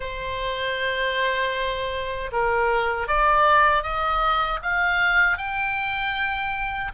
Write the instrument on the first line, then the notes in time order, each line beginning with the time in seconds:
oboe
0.00 C5
2.31 A#4
3.07 D5
3.83 D#5
4.62 F5
5.37 G5